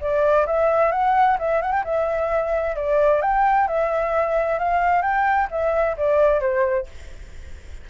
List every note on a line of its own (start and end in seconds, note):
0.00 0.46 D5
0.46 0.91 E5
0.91 1.37 F#5
1.38 1.61 E5
1.61 1.72 F#5
1.72 1.83 G5
1.84 2.76 E5
2.76 3.21 D5
3.21 3.67 G5
3.67 4.59 E5
4.59 5.02 F5
5.02 5.47 G5
5.50 5.96 E5
5.97 6.40 D5
6.40 6.86 C5